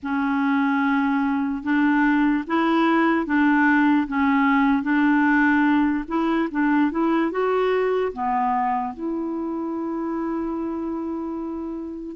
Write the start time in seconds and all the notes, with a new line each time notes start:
0.02 C#4
1.63 D4
2.47 E4
3.26 D4
4.07 C#4
4.82 D4
6.08 E4
6.51 D4
6.91 E4
7.31 F#4
8.12 B3
8.93 E4